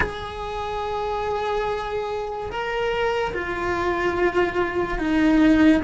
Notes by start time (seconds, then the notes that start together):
0.00 G#4
2.51 A#4
3.34 F4
4.98 D#4